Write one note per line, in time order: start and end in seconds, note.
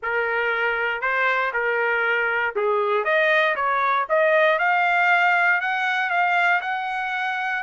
0.02 1.01 A#4
1.01 1.51 C5
1.53 2.54 A#4
2.55 3.04 G#4
3.04 3.55 D#5
3.55 4.06 C#5
4.09 4.59 D#5
4.59 5.60 F5
5.60 6.10 F#5
6.10 6.61 F5
6.61 7.63 F#5